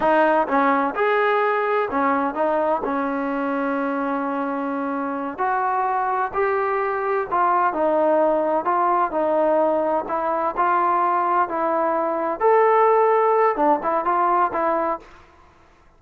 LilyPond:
\new Staff \with { instrumentName = "trombone" } { \time 4/4 \tempo 4 = 128 dis'4 cis'4 gis'2 | cis'4 dis'4 cis'2~ | cis'2.~ cis'8 fis'8~ | fis'4. g'2 f'8~ |
f'8 dis'2 f'4 dis'8~ | dis'4. e'4 f'4.~ | f'8 e'2 a'4.~ | a'4 d'8 e'8 f'4 e'4 | }